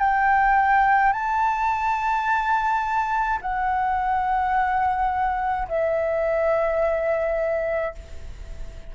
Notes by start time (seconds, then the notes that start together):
0.00 G5
1.13 A5
3.42 F#5
5.69 E5